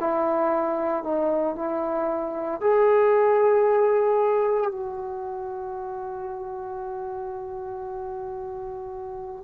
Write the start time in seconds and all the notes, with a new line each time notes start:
0.00 E4
1.03 D#4
1.55 E4
2.60 G#4
4.71 F#4